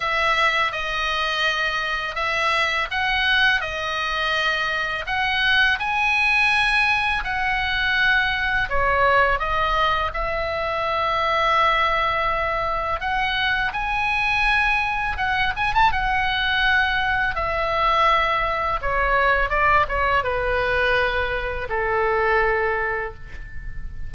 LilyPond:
\new Staff \with { instrumentName = "oboe" } { \time 4/4 \tempo 4 = 83 e''4 dis''2 e''4 | fis''4 dis''2 fis''4 | gis''2 fis''2 | cis''4 dis''4 e''2~ |
e''2 fis''4 gis''4~ | gis''4 fis''8 gis''16 a''16 fis''2 | e''2 cis''4 d''8 cis''8 | b'2 a'2 | }